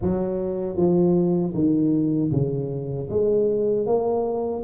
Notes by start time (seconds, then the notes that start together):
0.01 F#3
0.76 F3
1.54 D#3
2.31 C#3
3.09 G#3
3.86 A#3